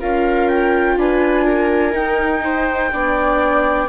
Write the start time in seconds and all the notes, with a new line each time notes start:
0.00 C#4 F4 A#4 F5
0.49 G5
0.97 D4 B4 G#5
1.46 A#4
1.92 D#4 G5
2.44 C5
2.92 B3 D4 D5